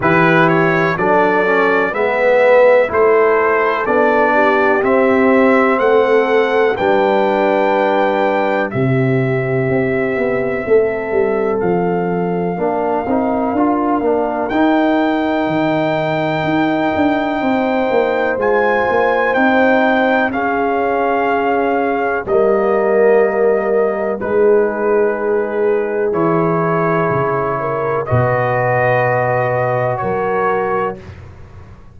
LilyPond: <<
  \new Staff \with { instrumentName = "trumpet" } { \time 4/4 \tempo 4 = 62 b'8 cis''8 d''4 e''4 c''4 | d''4 e''4 fis''4 g''4~ | g''4 e''2. | f''2. g''4~ |
g''2. gis''4 | g''4 f''2 dis''4~ | dis''4 b'2 cis''4~ | cis''4 dis''2 cis''4 | }
  \new Staff \with { instrumentName = "horn" } { \time 4/4 g'4 a'4 b'4 a'4~ | a'8 g'4. a'4 b'4~ | b'4 g'2 a'4~ | a'4 ais'2.~ |
ais'2 c''2~ | c''4 gis'2 ais'4~ | ais'4 gis'2.~ | gis'8 ais'8 b'2 ais'4 | }
  \new Staff \with { instrumentName = "trombone" } { \time 4/4 e'4 d'8 cis'8 b4 e'4 | d'4 c'2 d'4~ | d'4 c'2.~ | c'4 d'8 dis'8 f'8 d'8 dis'4~ |
dis'2. f'4 | dis'4 cis'2 ais4~ | ais4 dis'2 e'4~ | e'4 fis'2. | }
  \new Staff \with { instrumentName = "tuba" } { \time 4/4 e4 fis4 gis4 a4 | b4 c'4 a4 g4~ | g4 c4 c'8 b8 a8 g8 | f4 ais8 c'8 d'8 ais8 dis'4 |
dis4 dis'8 d'8 c'8 ais8 gis8 ais8 | c'4 cis'2 g4~ | g4 gis2 e4 | cis4 b,2 fis4 | }
>>